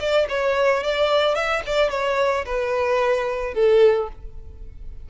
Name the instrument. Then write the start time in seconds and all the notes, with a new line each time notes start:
violin
0.00 D5
0.29 C#5
0.84 D5
1.35 E5
1.66 D5
1.91 C#5
2.46 B4
3.54 A4